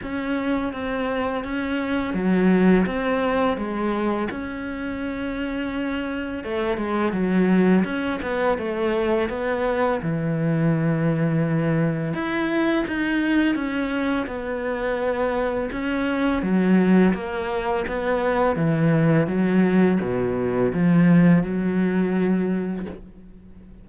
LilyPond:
\new Staff \with { instrumentName = "cello" } { \time 4/4 \tempo 4 = 84 cis'4 c'4 cis'4 fis4 | c'4 gis4 cis'2~ | cis'4 a8 gis8 fis4 cis'8 b8 | a4 b4 e2~ |
e4 e'4 dis'4 cis'4 | b2 cis'4 fis4 | ais4 b4 e4 fis4 | b,4 f4 fis2 | }